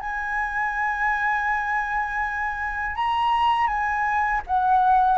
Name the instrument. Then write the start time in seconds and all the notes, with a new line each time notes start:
flute
0.00 G#5
2.96 A#5
3.67 G#5
4.47 F#5